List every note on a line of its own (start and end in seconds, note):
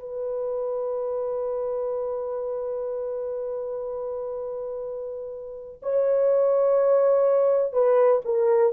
0.00 5.81 B4
5.82 7.73 C#5
7.73 8.21 B4
8.25 8.73 A#4